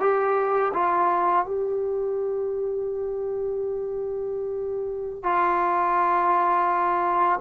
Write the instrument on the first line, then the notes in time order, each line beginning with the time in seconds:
trombone
0.00 G4
0.74 F4
1.46 G4
5.23 F4